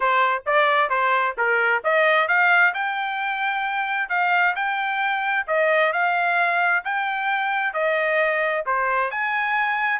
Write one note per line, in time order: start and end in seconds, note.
0.00 0.43 C5
0.46 0.89 D5
0.89 1.35 C5
1.37 1.83 A#4
1.83 2.28 D#5
2.28 2.73 F5
2.74 4.09 G5
4.09 4.54 F5
4.55 5.46 G5
5.47 5.92 D#5
5.92 6.83 F5
6.84 7.73 G5
7.73 8.64 D#5
8.65 9.10 C5
9.10 9.99 G#5